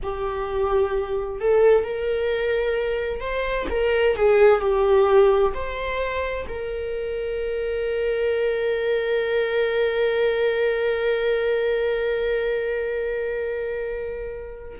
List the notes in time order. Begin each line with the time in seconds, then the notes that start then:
0.03 G4
1.40 A4
1.83 A#4
3.20 C5
3.69 A#4
4.16 G#4
4.60 G4
5.54 C5
6.48 A#4